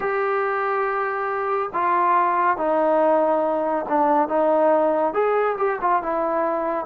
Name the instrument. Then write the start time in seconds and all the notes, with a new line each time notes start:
trombone
0.00 G4
1.73 F4
2.57 D#4
3.88 D4
4.28 D#4
5.13 G#4
5.57 G4
5.81 F4
6.02 E4